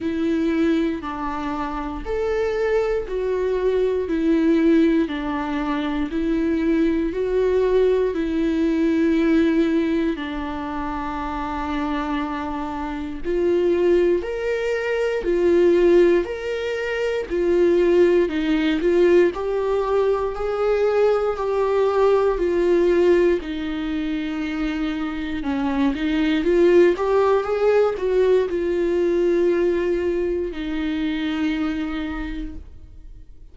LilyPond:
\new Staff \with { instrumentName = "viola" } { \time 4/4 \tempo 4 = 59 e'4 d'4 a'4 fis'4 | e'4 d'4 e'4 fis'4 | e'2 d'2~ | d'4 f'4 ais'4 f'4 |
ais'4 f'4 dis'8 f'8 g'4 | gis'4 g'4 f'4 dis'4~ | dis'4 cis'8 dis'8 f'8 g'8 gis'8 fis'8 | f'2 dis'2 | }